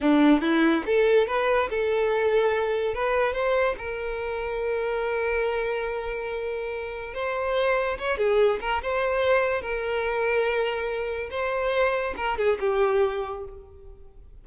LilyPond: \new Staff \with { instrumentName = "violin" } { \time 4/4 \tempo 4 = 143 d'4 e'4 a'4 b'4 | a'2. b'4 | c''4 ais'2.~ | ais'1~ |
ais'4 c''2 cis''8 gis'8~ | gis'8 ais'8 c''2 ais'4~ | ais'2. c''4~ | c''4 ais'8 gis'8 g'2 | }